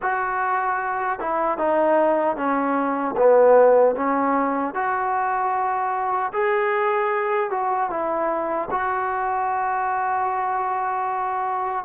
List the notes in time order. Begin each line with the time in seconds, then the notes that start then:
0.01 F#4
1.19 E4
1.58 D#4
2.36 C#4
3.16 B3
3.95 C#4
4.74 F#4
6.32 G#4
7.50 F#4
7.89 E4
8.70 F#4